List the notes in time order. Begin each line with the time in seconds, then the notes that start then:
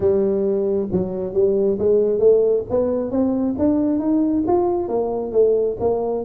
0.00 G3
0.92 F#3
1.33 G3
1.79 G#3
2.19 A3
2.69 B3
3.11 C4
3.58 D4
3.99 D#4
4.47 F4
4.88 A#3
5.32 A3
5.80 A#3